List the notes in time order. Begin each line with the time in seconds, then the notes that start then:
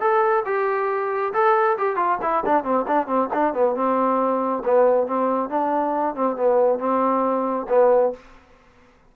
0.00 A4
0.45 G4
1.33 A4
1.78 G4
1.96 F4
2.22 E4
2.45 D4
2.63 C4
2.87 D4
3.07 C4
3.33 D4
3.53 B3
3.75 C4
4.64 B3
5.07 C4
5.49 D4
6.15 C4
6.36 B3
6.79 C4
7.69 B3